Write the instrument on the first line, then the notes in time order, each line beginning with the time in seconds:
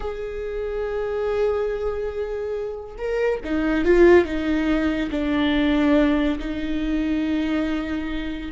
viola
0.00 G#4
2.97 A#4
3.44 D#4
3.85 F4
4.25 D#4
5.10 D4
6.38 D#4